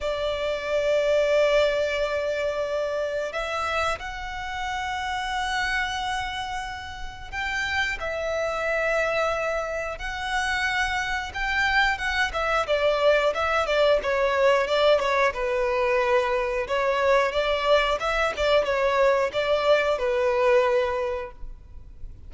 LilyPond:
\new Staff \with { instrumentName = "violin" } { \time 4/4 \tempo 4 = 90 d''1~ | d''4 e''4 fis''2~ | fis''2. g''4 | e''2. fis''4~ |
fis''4 g''4 fis''8 e''8 d''4 | e''8 d''8 cis''4 d''8 cis''8 b'4~ | b'4 cis''4 d''4 e''8 d''8 | cis''4 d''4 b'2 | }